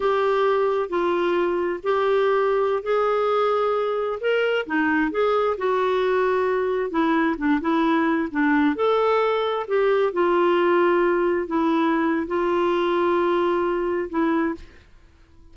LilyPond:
\new Staff \with { instrumentName = "clarinet" } { \time 4/4 \tempo 4 = 132 g'2 f'2 | g'2~ g'16 gis'4.~ gis'16~ | gis'4~ gis'16 ais'4 dis'4 gis'8.~ | gis'16 fis'2. e'8.~ |
e'16 d'8 e'4. d'4 a'8.~ | a'4~ a'16 g'4 f'4.~ f'16~ | f'4~ f'16 e'4.~ e'16 f'4~ | f'2. e'4 | }